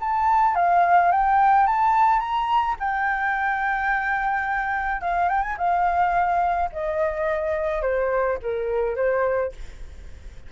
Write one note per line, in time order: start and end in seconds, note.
0.00 0.55 A5
0.55 1.11 F5
1.11 1.67 G5
1.67 2.20 A5
2.20 2.76 A#5
2.79 5.01 G5
5.01 5.29 F5
5.29 5.42 G5
5.42 5.56 G#5
5.57 6.70 F5
6.72 7.82 D#5
7.82 8.38 C5
8.42 8.96 A#4
8.96 9.52 C5